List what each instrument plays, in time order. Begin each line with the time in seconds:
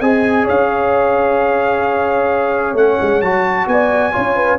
0.00 tuba C4, trombone G#4, horn D#5, trumpet G#5
0.44 tuba C#4, horn C#5, trumpet F5
2.74 tuba A3, trombone C#4, trumpet F#5
3.01 tuba G#3
3.21 tuba F#3, trombone F#4, trumpet A5
3.67 tuba B3, horn D5, trumpet G#5
4.12 tuba C#4, trombone F4, horn C#5
4.36 horn B4